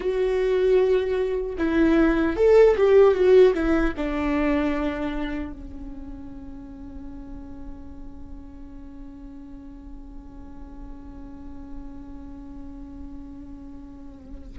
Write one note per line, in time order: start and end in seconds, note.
0.00 1.56 F#4
1.58 2.36 E4
2.36 2.76 A4
2.76 3.14 G4
3.14 3.53 F#4
3.53 3.93 E4
3.96 5.52 D4
5.52 14.59 C#4